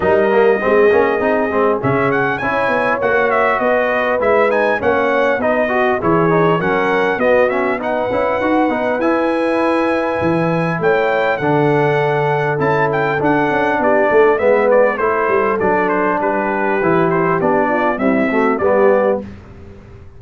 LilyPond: <<
  \new Staff \with { instrumentName = "trumpet" } { \time 4/4 \tempo 4 = 100 dis''2. e''8 fis''8 | gis''4 fis''8 e''8 dis''4 e''8 gis''8 | fis''4 dis''4 cis''4 fis''4 | dis''8 e''8 fis''2 gis''4~ |
gis''2 g''4 fis''4~ | fis''4 a''8 g''8 fis''4 d''4 | e''8 d''8 c''4 d''8 c''8 b'4~ | b'8 c''8 d''4 e''4 d''4 | }
  \new Staff \with { instrumentName = "horn" } { \time 4/4 ais'4 gis'2. | cis''2 b'2 | cis''4 b'8 fis'8 gis'4 ais'4 | fis'4 b'2.~ |
b'2 cis''4 a'4~ | a'2. g'8 a'8 | b'4 a'2 g'4~ | g'4. f'8 e'8 fis'8 g'4 | }
  \new Staff \with { instrumentName = "trombone" } { \time 4/4 dis'8 ais8 c'8 cis'8 dis'8 c'8 cis'4 | e'4 fis'2 e'8 dis'8 | cis'4 dis'8 fis'8 e'8 dis'8 cis'4 | b8 cis'8 dis'8 e'8 fis'8 dis'8 e'4~ |
e'2. d'4~ | d'4 e'4 d'2 | b4 e'4 d'2 | e'4 d'4 g8 a8 b4 | }
  \new Staff \with { instrumentName = "tuba" } { \time 4/4 g4 gis8 ais8 c'8 gis8 cis4 | cis'8 b8 ais4 b4 gis4 | ais4 b4 e4 fis4 | b4. cis'8 dis'8 b8 e'4~ |
e'4 e4 a4 d4~ | d4 cis'4 d'8 cis'8 b8 a8 | gis4 a8 g8 fis4 g4 | e4 b4 c'4 g4 | }
>>